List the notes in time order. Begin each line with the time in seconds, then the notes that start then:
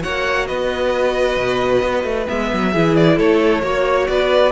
0.00 A#3 F#4 C#5 F#5
0.46 B3 B4 D#5
1.37 B2
1.82 B3
2.03 A3
2.27 G#3 B3 E5
2.53 F#3
2.71 E3 E4 G#4
2.96 D5
3.16 A3 A4 C#5
3.62 A#3 F#4 C#5
4.07 B3 B4 D5